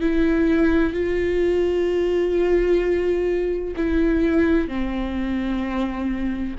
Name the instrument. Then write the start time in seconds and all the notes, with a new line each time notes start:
viola
0.00 E4
0.93 F4
3.76 E4
4.68 C4